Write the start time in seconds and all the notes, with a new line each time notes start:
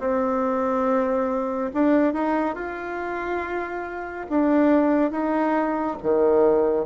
0.00 C4
1.74 D4
2.14 D#4
2.55 F4
4.30 D4
5.12 D#4
6.03 D#3